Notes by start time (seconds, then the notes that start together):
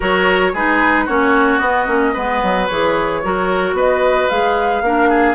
0.00 F#3 F#4 A#4 C#5
0.53 G#3 D#4 G#4 B4
1.05 A#3 C#4 F#4 C#5
1.59 B3 D#5
1.87 A#3 C#4
2.13 G#3 B3 B4
2.43 F#3
2.67 E3 G#4 C#5
3.23 F#3 F#4 A#4
3.72 B3 B4 D#5
4.29 G#3 G#4 F5
4.81 A#3 D4 A#4
5.09 G#4